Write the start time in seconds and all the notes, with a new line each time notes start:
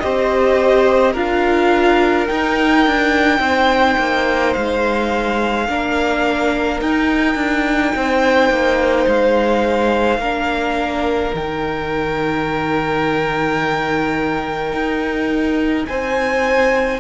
0.00 C4 G4 C5 D#5
1.13 D4 F4 A#4 F5
2.28 D#4 G5
2.87 D4
3.39 C4 C5
3.99 A#3
4.54 G#3 F5
5.68 A#3 D4 A#4
6.81 D#4 G5
7.36 D4
7.96 C4 C5
8.50 A#3
9.07 G#3 F5
10.19 A#3 D4 A#4
11.34 D#3 D#4 G5
14.73 D#4
15.87 C4 C5 G#5